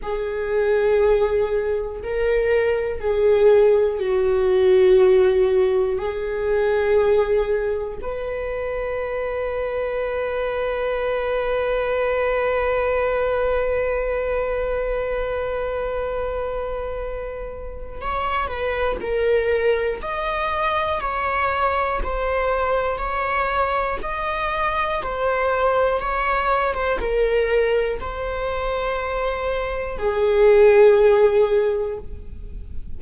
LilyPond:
\new Staff \with { instrumentName = "viola" } { \time 4/4 \tempo 4 = 60 gis'2 ais'4 gis'4 | fis'2 gis'2 | b'1~ | b'1~ |
b'2 cis''8 b'8 ais'4 | dis''4 cis''4 c''4 cis''4 | dis''4 c''4 cis''8. c''16 ais'4 | c''2 gis'2 | }